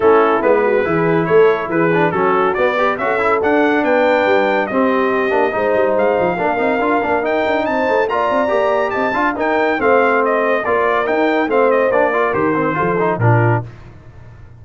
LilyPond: <<
  \new Staff \with { instrumentName = "trumpet" } { \time 4/4 \tempo 4 = 141 a'4 b'2 cis''4 | b'4 a'4 d''4 e''4 | fis''4 g''2 dis''4~ | dis''2 f''2~ |
f''4 g''4 a''4 ais''4~ | ais''4 a''4 g''4 f''4 | dis''4 d''4 g''4 f''8 dis''8 | d''4 c''2 ais'4 | }
  \new Staff \with { instrumentName = "horn" } { \time 4/4 e'4. fis'8 gis'4 a'4 | gis'4 fis'4. b'8 a'4~ | a'4 b'2 g'4~ | g'4 c''2 ais'4~ |
ais'2 c''4 d''4~ | d''4 dis''8 f''8 ais'4 c''4~ | c''4 ais'2 c''4~ | c''8 ais'4. a'4 f'4 | }
  \new Staff \with { instrumentName = "trombone" } { \time 4/4 cis'4 b4 e'2~ | e'8 d'8 cis'4 b8 g'8 fis'8 e'8 | d'2. c'4~ | c'8 d'8 dis'2 d'8 dis'8 |
f'8 d'8 dis'2 f'4 | g'4. f'8 dis'4 c'4~ | c'4 f'4 dis'4 c'4 | d'8 f'8 g'8 c'8 f'8 dis'8 d'4 | }
  \new Staff \with { instrumentName = "tuba" } { \time 4/4 a4 gis4 e4 a4 | e4 fis4 b4 cis'4 | d'4 b4 g4 c'4~ | c'8 ais8 gis8 g8 gis8 f8 ais8 c'8 |
d'8 ais8 dis'8 d'8 c'8 a8 ais8 c'8 | ais4 c'8 d'8 dis'4 a4~ | a4 ais4 dis'4 a4 | ais4 dis4 f4 ais,4 | }
>>